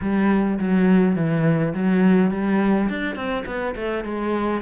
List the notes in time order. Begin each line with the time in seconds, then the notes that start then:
0.01 G3
0.59 F#3
1.15 E3
1.74 F#3
2.31 G3
2.89 D4
3.15 C4
3.45 B3
3.75 A3
4.04 G#3